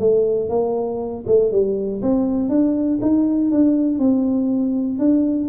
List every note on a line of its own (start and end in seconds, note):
0.00 0.50 A3
0.50 1.25 A#3
1.27 1.52 A3
1.52 2.02 G3
2.02 2.50 C4
2.50 3.00 D4
3.02 3.52 D#4
3.52 4.00 D4
4.00 5.00 C4
5.00 5.49 D4